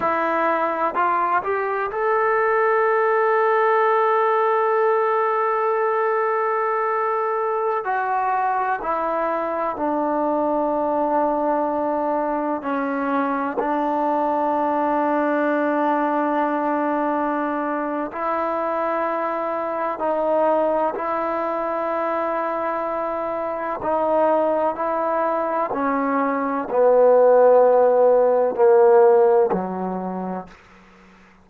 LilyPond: \new Staff \with { instrumentName = "trombone" } { \time 4/4 \tempo 4 = 63 e'4 f'8 g'8 a'2~ | a'1~ | a'16 fis'4 e'4 d'4.~ d'16~ | d'4~ d'16 cis'4 d'4.~ d'16~ |
d'2. e'4~ | e'4 dis'4 e'2~ | e'4 dis'4 e'4 cis'4 | b2 ais4 fis4 | }